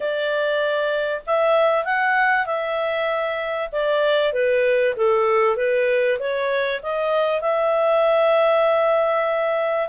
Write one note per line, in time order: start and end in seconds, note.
0.00 1.22 D5
1.26 1.84 E5
1.84 2.46 F#5
2.46 3.69 E5
3.72 4.32 D5
4.32 4.94 B4
4.96 5.56 A4
5.56 6.18 B4
6.19 6.80 C#5
6.82 7.41 D#5
7.41 9.88 E5